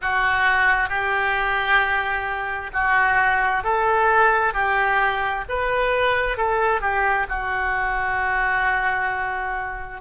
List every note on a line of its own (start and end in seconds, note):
0.01 0.88 F#4
0.88 2.70 G4
2.73 3.63 F#4
3.63 4.53 A4
4.53 5.44 G4
5.48 6.37 B4
6.37 6.81 A4
6.81 7.26 G4
7.29 10.01 F#4